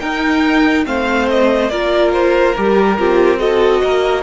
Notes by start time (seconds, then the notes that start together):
0.00 D#4 A#4 G5
0.85 A3 C4 C5 F5
1.30 D#5
1.69 A#3 F4 A#4 D5
2.13 C5
2.56 G3 G4 A#4
2.99 C4 F4 G4
3.38 F#4 A4 D#5
3.83 A#3 A#4